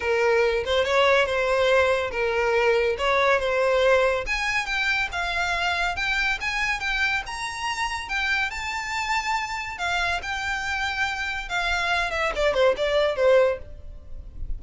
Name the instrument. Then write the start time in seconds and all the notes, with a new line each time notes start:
violin
0.00 A#4
0.65 C5
0.84 C#5
1.26 C5
2.11 A#4
2.97 C#5
3.39 C5
4.26 G#5
4.65 G5
5.12 F5
5.96 G5
6.40 G#5
6.80 G5
7.26 A#5
8.08 G5
8.50 A5
9.78 F5
10.22 G5
11.48 F5
12.11 E5
12.35 D5
12.53 C5
12.76 D5
13.16 C5